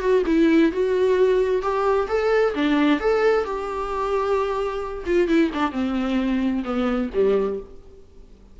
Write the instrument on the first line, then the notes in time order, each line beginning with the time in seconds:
viola
0.00 F#4
0.26 E4
0.72 F#4
1.62 G4
2.08 A4
2.55 D4
3.00 A4
3.44 G4
5.06 F4
5.28 E4
5.54 D4
5.72 C4
6.65 B3
7.14 G3